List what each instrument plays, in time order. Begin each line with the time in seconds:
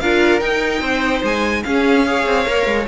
0.00 cello D4, viola F4, violin A#4 F5
0.40 viola D#4, cello D#4, violin G5
0.81 cello C4, violin C5
1.24 cello G#3, violin G#5
1.64 cello C#4, viola C#4, violin G#4 F5
2.07 viola G#4, violin C#5
2.26 cello C4
2.46 cello A#3, viola A#4
2.66 cello G#3